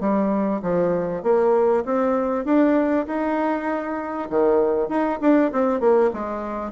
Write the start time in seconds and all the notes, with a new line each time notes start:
0.00 G3
0.62 F3
1.23 A#3
1.85 C4
2.45 D4
3.06 D#4
4.30 D#3
4.88 D#4
5.21 D4
5.52 C4
5.80 A#3
6.13 G#3